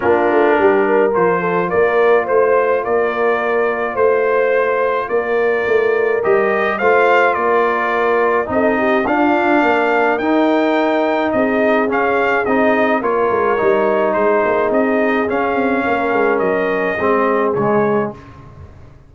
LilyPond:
<<
  \new Staff \with { instrumentName = "trumpet" } { \time 4/4 \tempo 4 = 106 ais'2 c''4 d''4 | c''4 d''2 c''4~ | c''4 d''2 dis''4 | f''4 d''2 dis''4 |
f''2 g''2 | dis''4 f''4 dis''4 cis''4~ | cis''4 c''4 dis''4 f''4~ | f''4 dis''2 cis''4 | }
  \new Staff \with { instrumentName = "horn" } { \time 4/4 f'4 g'8 ais'4 a'8 ais'4 | c''4 ais'2 c''4~ | c''4 ais'2. | c''4 ais'2 a'8 g'8 |
f'4 ais'2. | gis'2. ais'4~ | ais'4 gis'2. | ais'2 gis'2 | }
  \new Staff \with { instrumentName = "trombone" } { \time 4/4 d'2 f'2~ | f'1~ | f'2. g'4 | f'2. dis'4 |
d'2 dis'2~ | dis'4 cis'4 dis'4 f'4 | dis'2. cis'4~ | cis'2 c'4 gis4 | }
  \new Staff \with { instrumentName = "tuba" } { \time 4/4 ais8 a8 g4 f4 ais4 | a4 ais2 a4~ | a4 ais4 a4 g4 | a4 ais2 c'4 |
d'4 ais4 dis'2 | c'4 cis'4 c'4 ais8 gis8 | g4 gis8 ais8 c'4 cis'8 c'8 | ais8 gis8 fis4 gis4 cis4 | }
>>